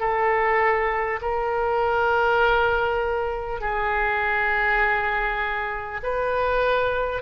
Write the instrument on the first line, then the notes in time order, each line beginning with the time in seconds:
oboe
0.00 A4
1.22 A#4
3.61 G#4
6.03 B4